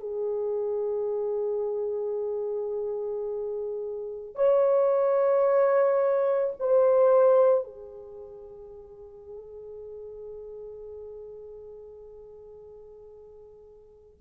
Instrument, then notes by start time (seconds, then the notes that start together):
horn
0.00 G#4
4.35 C#5
6.60 C5
7.64 G#4